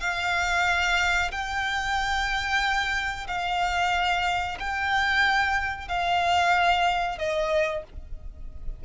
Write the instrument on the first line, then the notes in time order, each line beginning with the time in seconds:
violin
0.00 F5
1.31 G5
3.27 F5
4.59 G5
5.88 F5
7.18 D#5